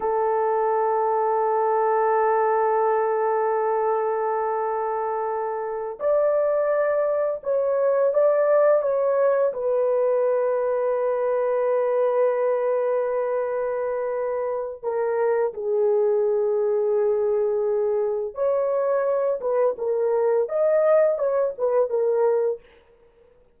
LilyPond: \new Staff \with { instrumentName = "horn" } { \time 4/4 \tempo 4 = 85 a'1~ | a'1~ | a'8 d''2 cis''4 d''8~ | d''8 cis''4 b'2~ b'8~ |
b'1~ | b'4 ais'4 gis'2~ | gis'2 cis''4. b'8 | ais'4 dis''4 cis''8 b'8 ais'4 | }